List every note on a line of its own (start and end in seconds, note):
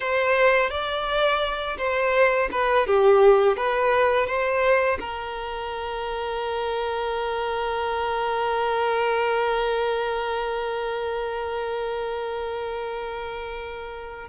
0.00 0.69 C5
0.69 1.77 D5
1.77 2.49 C5
2.51 2.86 B4
2.86 3.56 G4
3.56 4.27 B4
4.27 4.98 C5
4.99 14.28 A#4